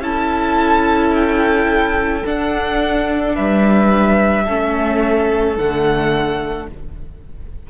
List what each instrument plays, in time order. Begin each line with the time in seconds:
0.00 cello C#4, viola E4, violin A4 A5
1.14 violin G5
2.24 viola D4, cello D4, violin F#5
3.34 cello G3, violin B4 E5
4.44 cello A3, viola C#4, violin A4
5.56 cello D3, viola A3, violin F#5